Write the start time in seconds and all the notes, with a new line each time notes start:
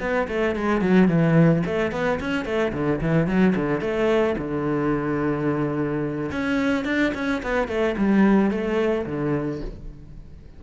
0.00 B3
0.28 A3
0.55 G#3
0.81 F#3
1.08 E3
1.66 A3
1.91 B3
2.20 C#4
2.45 A3
2.73 D3
3.01 E3
3.27 F#3
3.56 D3
3.81 A3
4.38 D3
6.32 C#4
6.85 D4
7.14 C#4
7.43 B3
7.68 A3
7.98 G3
8.50 A3
9.06 D3